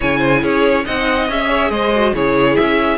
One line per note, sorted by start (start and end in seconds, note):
0.00 0.43 C#3
0.00 0.86 E4
0.00 0.18 C#5
0.00 0.43 G#5
0.18 0.40 C5
0.42 0.85 C#4
0.42 0.84 G#4
0.42 0.86 C#5
0.85 1.28 C4
0.85 1.28 D#4
0.85 1.48 D#5
0.85 1.28 F#5
1.28 1.69 C#4
1.28 1.92 G#4
1.28 1.70 E5
1.48 1.70 C#5
1.69 2.12 G#3
1.69 2.15 C5
1.69 2.13 D#5
1.94 2.14 F#4
2.14 2.57 C#3
2.14 2.98 E4
2.14 2.98 G#4
2.14 2.56 C#5
2.56 2.98 C#4
2.56 2.98 E5